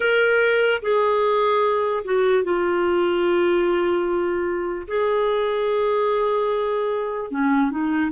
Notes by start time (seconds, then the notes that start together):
0.00 A#4
0.82 G#4
2.04 F#4
2.43 F4
4.87 G#4
7.30 C#4
7.70 D#4